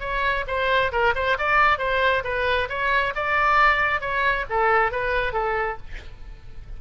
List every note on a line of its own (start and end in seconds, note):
0.00 0.44 C#5
0.47 0.91 C5
0.92 1.14 A#4
1.15 1.37 C5
1.38 1.78 D5
1.78 2.23 C5
2.24 2.68 B4
2.69 3.14 C#5
3.15 4.01 D5
4.01 4.45 C#5
4.49 4.91 A4
4.91 5.33 B4
5.33 5.77 A4